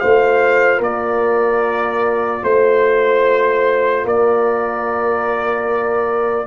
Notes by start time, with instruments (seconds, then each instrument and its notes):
0.00 tuba A3, trombone F4, horn C5, trumpet F5
0.78 tuba A#3, horn A#4, trumpet D5
2.43 tuba A3, horn C5, trumpet C5
4.05 tuba A#3, horn A#4, trumpet D5